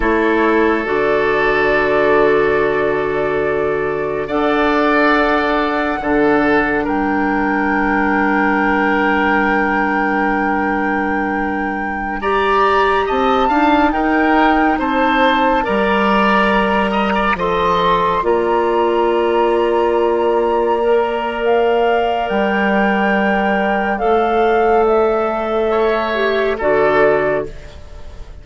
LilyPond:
<<
  \new Staff \with { instrumentName = "flute" } { \time 4/4 \tempo 4 = 70 cis''4 d''2.~ | d''4 fis''2. | g''1~ | g''2~ g''16 ais''4 a''8.~ |
a''16 g''4 a''4 ais''4.~ ais''16~ | ais''16 c'''4 ais''2~ ais''8.~ | ais''4 f''4 g''2 | f''4 e''2 d''4 | }
  \new Staff \with { instrumentName = "oboe" } { \time 4/4 a'1~ | a'4 d''2 a'4 | ais'1~ | ais'2~ ais'16 d''4 dis''8 f''16~ |
f''16 ais'4 c''4 d''4. dis''16 | d''16 dis''4 d''2~ d''8.~ | d''1~ | d''2 cis''4 a'4 | }
  \new Staff \with { instrumentName = "clarinet" } { \time 4/4 e'4 fis'2.~ | fis'4 a'2 d'4~ | d'1~ | d'2~ d'16 g'4. dis'16~ |
dis'2~ dis'16 ais'4.~ ais'16~ | ais'16 a'4 f'2~ f'8.~ | f'16 ais'2.~ ais'8. | a'2~ a'8 g'8 fis'4 | }
  \new Staff \with { instrumentName = "bassoon" } { \time 4/4 a4 d2.~ | d4 d'2 d4 | g1~ | g2.~ g16 c'8 d'16~ |
d'16 dis'4 c'4 g4.~ g16~ | g16 f4 ais2~ ais8.~ | ais2 g2 | a2. d4 | }
>>